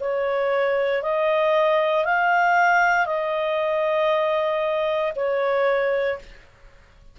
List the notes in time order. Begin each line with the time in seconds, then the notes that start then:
0.00 C#5
1.03 D#5
2.05 F5
3.06 D#5
5.15 C#5